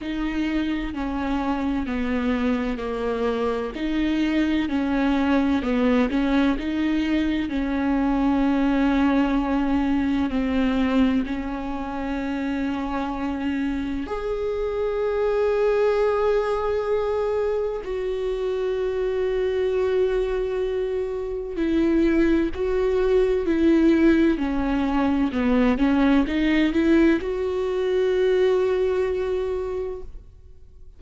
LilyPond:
\new Staff \with { instrumentName = "viola" } { \time 4/4 \tempo 4 = 64 dis'4 cis'4 b4 ais4 | dis'4 cis'4 b8 cis'8 dis'4 | cis'2. c'4 | cis'2. gis'4~ |
gis'2. fis'4~ | fis'2. e'4 | fis'4 e'4 cis'4 b8 cis'8 | dis'8 e'8 fis'2. | }